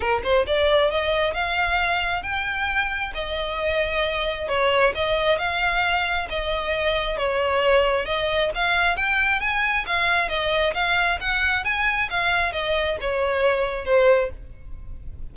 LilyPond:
\new Staff \with { instrumentName = "violin" } { \time 4/4 \tempo 4 = 134 ais'8 c''8 d''4 dis''4 f''4~ | f''4 g''2 dis''4~ | dis''2 cis''4 dis''4 | f''2 dis''2 |
cis''2 dis''4 f''4 | g''4 gis''4 f''4 dis''4 | f''4 fis''4 gis''4 f''4 | dis''4 cis''2 c''4 | }